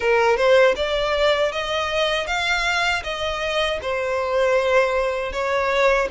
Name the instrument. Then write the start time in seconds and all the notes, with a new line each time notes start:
violin
0.00 A#4
0.37 C5
0.76 D5
1.52 D#5
2.26 F5
3.03 D#5
3.82 C5
5.32 C#5